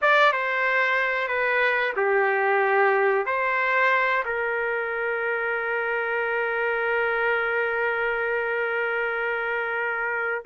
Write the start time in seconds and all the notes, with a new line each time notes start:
0.01 D5
0.32 C5
1.28 B4
1.96 G4
3.25 C5
4.25 A#4